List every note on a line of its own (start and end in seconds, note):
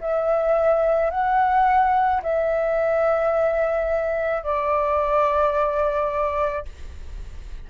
0.00 1.10 E5
1.10 2.21 F#5
2.22 4.43 E5
4.43 6.65 D5